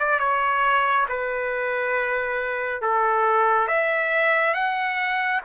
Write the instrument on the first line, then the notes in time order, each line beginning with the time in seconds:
trumpet
0.00 D5
0.20 C#5
1.09 B4
2.82 A4
3.68 E5
4.54 F#5